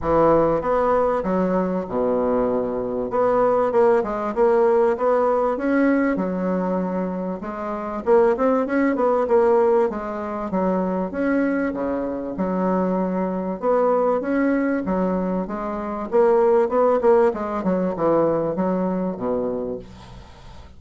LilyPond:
\new Staff \with { instrumentName = "bassoon" } { \time 4/4 \tempo 4 = 97 e4 b4 fis4 b,4~ | b,4 b4 ais8 gis8 ais4 | b4 cis'4 fis2 | gis4 ais8 c'8 cis'8 b8 ais4 |
gis4 fis4 cis'4 cis4 | fis2 b4 cis'4 | fis4 gis4 ais4 b8 ais8 | gis8 fis8 e4 fis4 b,4 | }